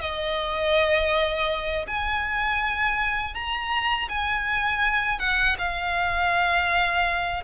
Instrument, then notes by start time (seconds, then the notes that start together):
violin
0.00 D#5
1.87 G#5
3.34 A#5
4.08 G#5
5.19 F#5
5.58 F5